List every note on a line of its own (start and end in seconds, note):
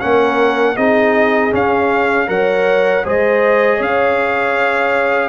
0.00 0.77 A#3
0.00 0.76 C#4
0.00 0.76 A#4
0.00 0.76 F#5
0.76 1.53 C4
0.76 1.51 D#4
0.76 2.28 G#4
0.76 1.52 D#5
1.51 2.27 C#4
1.51 2.28 C#4
1.51 2.29 F5
2.27 3.04 F#3
2.27 3.03 A#4
2.27 3.04 C#5
2.27 3.05 F#5
3.04 3.79 G#3
3.04 5.29 G#4
3.04 3.77 C5
3.04 3.82 D#5
3.77 5.29 C#4
3.77 5.29 C#5
3.77 5.29 F5